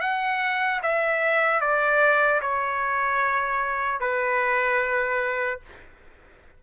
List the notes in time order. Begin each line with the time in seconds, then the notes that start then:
0.00 F#5
0.82 E5
1.60 D5
2.41 C#5
4.00 B4